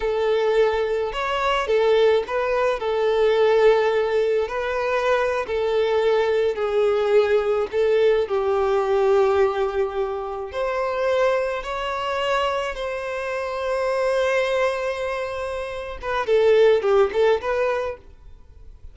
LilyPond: \new Staff \with { instrumentName = "violin" } { \time 4/4 \tempo 4 = 107 a'2 cis''4 a'4 | b'4 a'2. | b'4.~ b'16 a'2 gis'16~ | gis'4.~ gis'16 a'4 g'4~ g'16~ |
g'2~ g'8. c''4~ c''16~ | c''8. cis''2 c''4~ c''16~ | c''1~ | c''8 b'8 a'4 g'8 a'8 b'4 | }